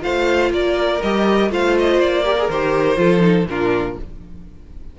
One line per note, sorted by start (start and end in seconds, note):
0.00 0.51 A3
0.00 0.98 F4
0.00 0.51 C5
0.00 0.52 F5
0.51 1.00 A#3
0.51 1.51 A#4
0.51 1.02 D5
1.02 1.50 G3
1.02 1.50 G4
1.02 1.51 D#5
1.50 1.99 A3
1.50 2.24 F4
1.50 2.24 C5
1.50 1.78 F5
1.78 2.01 D#5
1.99 2.48 A#3
1.99 2.49 D5
2.24 2.37 G4
2.24 2.98 A#4
2.38 2.50 G#4
2.49 2.97 D#3
2.49 2.96 G4
2.49 3.47 C5
2.96 3.46 F3
2.96 3.19 F4
2.96 3.48 A4
3.19 3.44 D#4
3.46 3.96 A#2
3.46 3.99 D4
3.46 3.99 F4
3.46 3.98 A#4